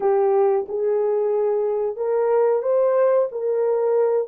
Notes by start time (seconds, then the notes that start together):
0.00 G4
0.68 G#4
1.96 A#4
2.62 C5
3.31 A#4